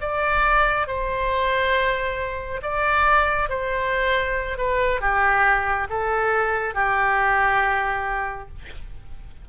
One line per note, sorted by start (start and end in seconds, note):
0.00 0.87 D5
0.87 2.60 C5
2.62 3.49 D5
3.49 4.57 C5
4.57 5.00 B4
5.00 5.87 G4
5.89 6.74 A4
6.74 8.48 G4